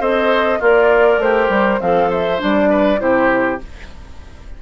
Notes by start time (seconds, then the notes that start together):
0.00 C4 A4 C5 D#5
0.59 A#3 F4 A#4 D5
1.18 A3 G4 C5
1.49 G3
1.79 F3 C4 A4 F5
2.10 C5 E5
2.38 G3 D4 D5
2.70 B4
2.98 C3 E4 G4 C5